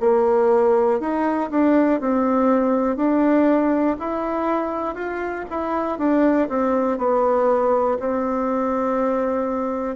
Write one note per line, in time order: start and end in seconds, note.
0.00 1.00 A#3
1.00 1.50 D#4
1.51 2.01 D4
2.01 2.97 C4
2.97 3.97 D4
3.99 4.95 E4
4.95 5.45 F4
5.50 5.99 E4
5.99 6.49 D4
6.49 6.98 C4
6.98 7.98 B3
8.00 9.96 C4